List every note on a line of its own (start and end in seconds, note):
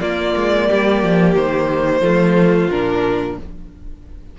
0.00 2.02 A#3
0.00 0.35 A#3
0.00 0.67 F4
0.00 1.35 D5
0.36 0.69 G#3
0.67 1.03 G3
0.67 2.01 G4
1.03 1.35 F3
1.35 2.00 D#3
1.35 2.69 C5
2.00 2.68 F3
2.00 2.69 A3
2.00 3.36 F4
2.69 3.37 A#2
2.69 3.38 D4
2.69 3.37 A#4